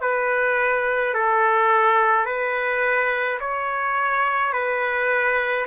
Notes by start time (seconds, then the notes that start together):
0.00 B4
1.13 A4
2.25 B4
3.40 C#5
4.52 B4